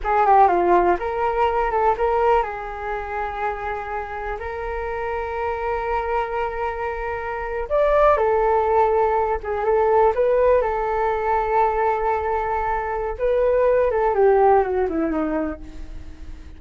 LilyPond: \new Staff \with { instrumentName = "flute" } { \time 4/4 \tempo 4 = 123 gis'8 g'8 f'4 ais'4. a'8 | ais'4 gis'2.~ | gis'4 ais'2.~ | ais'2.~ ais'8. d''16~ |
d''8. a'2~ a'8 gis'8 a'16~ | a'8. b'4 a'2~ a'16~ | a'2. b'4~ | b'8 a'8 g'4 fis'8 e'8 dis'4 | }